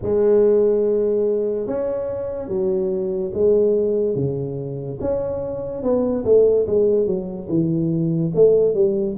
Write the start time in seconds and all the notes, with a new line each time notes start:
0.02 G#3
1.66 C#4
2.48 F#3
3.33 G#3
4.15 C#3
5.00 C#4
5.83 B3
6.24 A3
6.66 G#3
7.06 F#3
7.48 E3
8.34 A3
8.74 G3